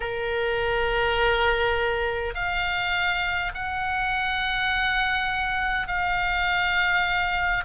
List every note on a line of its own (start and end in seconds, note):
0.00 2.34 A#4
2.34 3.52 F5
3.54 5.87 F#5
5.87 7.64 F5